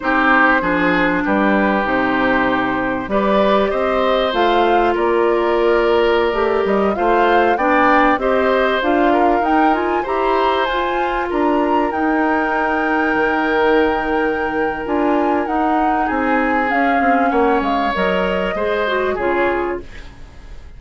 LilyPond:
<<
  \new Staff \with { instrumentName = "flute" } { \time 4/4 \tempo 4 = 97 c''2 b'4 c''4~ | c''4 d''4 dis''4 f''4 | d''2~ d''8. dis''8 f''8.~ | f''16 g''4 dis''4 f''4 g''8 gis''16~ |
gis''16 ais''4 gis''4 ais''4 g''8.~ | g''1 | gis''4 fis''4 gis''4 f''4 | fis''8 f''8 dis''2 cis''4 | }
  \new Staff \with { instrumentName = "oboe" } { \time 4/4 g'4 gis'4 g'2~ | g'4 b'4 c''2 | ais'2.~ ais'16 c''8.~ | c''16 d''4 c''4. ais'4~ ais'16~ |
ais'16 c''2 ais'4.~ ais'16~ | ais'1~ | ais'2 gis'2 | cis''2 c''4 gis'4 | }
  \new Staff \with { instrumentName = "clarinet" } { \time 4/4 dis'4 d'2 dis'4~ | dis'4 g'2 f'4~ | f'2~ f'16 g'4 f'8.~ | f'16 d'4 g'4 f'4 dis'8 f'16~ |
f'16 g'4 f'2 dis'8.~ | dis'1 | f'4 dis'2 cis'4~ | cis'4 ais'4 gis'8 fis'8 f'4 | }
  \new Staff \with { instrumentName = "bassoon" } { \time 4/4 c'4 f4 g4 c4~ | c4 g4 c'4 a4 | ais2~ ais16 a8 g8 a8.~ | a16 b4 c'4 d'4 dis'8.~ |
dis'16 e'4 f'4 d'4 dis'8.~ | dis'4~ dis'16 dis2~ dis8. | d'4 dis'4 c'4 cis'8 c'8 | ais8 gis8 fis4 gis4 cis4 | }
>>